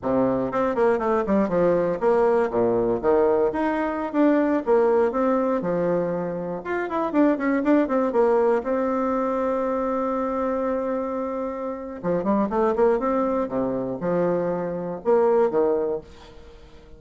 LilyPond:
\new Staff \with { instrumentName = "bassoon" } { \time 4/4 \tempo 4 = 120 c4 c'8 ais8 a8 g8 f4 | ais4 ais,4 dis4 dis'4~ | dis'16 d'4 ais4 c'4 f8.~ | f4~ f16 f'8 e'8 d'8 cis'8 d'8 c'16~ |
c'16 ais4 c'2~ c'8.~ | c'1 | f8 g8 a8 ais8 c'4 c4 | f2 ais4 dis4 | }